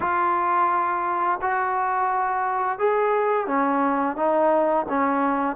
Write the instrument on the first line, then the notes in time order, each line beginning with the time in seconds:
trombone
0.00 F4
1.41 F#4
2.78 G#4
3.47 C#4
4.16 D#4
4.88 C#4